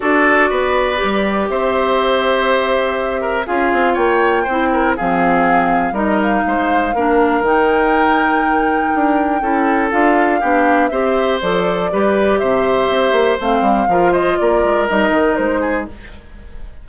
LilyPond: <<
  \new Staff \with { instrumentName = "flute" } { \time 4/4 \tempo 4 = 121 d''2. e''4~ | e''2. f''4 | g''2 f''2 | dis''8 f''2~ f''8 g''4~ |
g''1 | f''2 e''4 d''4~ | d''4 e''2 f''4~ | f''8 dis''8 d''4 dis''4 c''4 | }
  \new Staff \with { instrumentName = "oboe" } { \time 4/4 a'4 b'2 c''4~ | c''2~ c''8 ais'8 gis'4 | cis''4 c''8 ais'8 gis'2 | ais'4 c''4 ais'2~ |
ais'2. a'4~ | a'4 g'4 c''2 | b'4 c''2. | ais'8 c''8 ais'2~ ais'8 gis'8 | }
  \new Staff \with { instrumentName = "clarinet" } { \time 4/4 fis'2 g'2~ | g'2. f'4~ | f'4 e'4 c'2 | dis'2 d'4 dis'4~ |
dis'2. e'4 | f'4 d'4 g'4 a'4 | g'2. c'4 | f'2 dis'2 | }
  \new Staff \with { instrumentName = "bassoon" } { \time 4/4 d'4 b4 g4 c'4~ | c'2. cis'8 c'8 | ais4 c'4 f2 | g4 gis4 ais4 dis4~ |
dis2 d'4 cis'4 | d'4 b4 c'4 f4 | g4 c4 c'8 ais8 a8 g8 | f4 ais8 gis8 g8 dis8 gis4 | }
>>